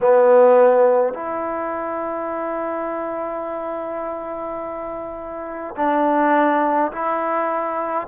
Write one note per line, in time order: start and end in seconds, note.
0.01 1.13 B3
1.13 5.75 E4
5.76 6.91 D4
6.92 8.07 E4